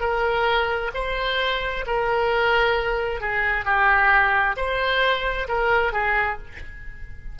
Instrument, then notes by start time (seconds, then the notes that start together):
oboe
0.00 A#4
0.94 C5
1.86 A#4
3.21 G#4
3.65 G4
4.57 C5
5.48 A#4
5.93 G#4